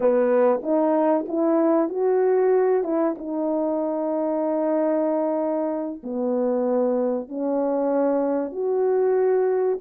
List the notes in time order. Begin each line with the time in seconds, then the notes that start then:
0.00 B3
0.62 D#4
1.28 E4
1.89 F#4
2.83 E4
3.18 D#4
6.03 B3
7.28 C#4
8.51 F#4